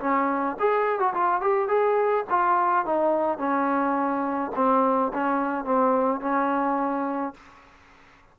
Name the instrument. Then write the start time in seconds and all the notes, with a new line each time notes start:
trombone
0.00 C#4
0.59 G#4
1.00 F#4
1.14 F4
1.41 G4
1.68 G#4
2.30 F4
2.86 D#4
3.39 C#4
4.56 C4
5.14 C#4
5.65 C4
6.21 C#4